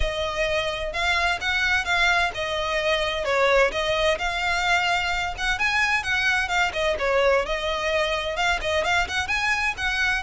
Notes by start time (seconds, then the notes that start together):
0.00 D#5
0.92 F5
1.40 F#5
1.84 F5
2.34 D#5
3.24 C#5
3.71 D#5
4.18 F5
5.37 F#5
5.58 G#5
6.03 F#5
6.48 F5
6.73 D#5
6.99 C#5
7.45 D#5
8.36 F5
8.61 D#5
8.84 F5
9.08 F#5
9.27 G#5
9.77 F#5